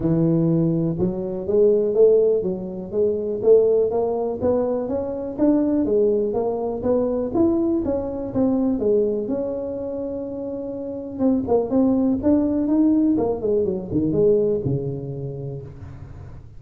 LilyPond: \new Staff \with { instrumentName = "tuba" } { \time 4/4 \tempo 4 = 123 e2 fis4 gis4 | a4 fis4 gis4 a4 | ais4 b4 cis'4 d'4 | gis4 ais4 b4 e'4 |
cis'4 c'4 gis4 cis'4~ | cis'2. c'8 ais8 | c'4 d'4 dis'4 ais8 gis8 | fis8 dis8 gis4 cis2 | }